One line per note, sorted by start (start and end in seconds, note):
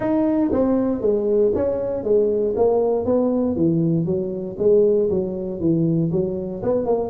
0.00 0.51 D#4
0.52 1.01 C4
1.01 1.52 G#3
1.54 2.03 C#4
2.03 2.54 G#3
2.55 3.05 A#3
3.05 3.55 B3
3.56 4.05 E3
4.05 4.56 F#3
4.58 5.09 G#3
5.09 5.60 F#3
5.60 6.10 E3
6.11 6.62 F#3
6.62 6.85 B3
6.85 7.10 A#3